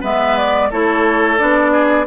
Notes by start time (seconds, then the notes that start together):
0.00 G#3 B3 B4 E5
0.37 D5
0.70 A3 E4 A4 C#5
1.38 B3 D4 D5
1.72 G#4